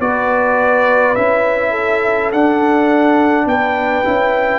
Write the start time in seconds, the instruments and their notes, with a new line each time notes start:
0.00 tuba B3, trombone F#4, horn B4, trumpet D5
1.15 tuba C#4, trombone E4, trumpet E5
1.71 horn A4
2.32 tuba D4, trombone D4, trumpet F#5
3.46 tuba B3, horn B4, trumpet G5
4.04 tuba C#4, trombone E4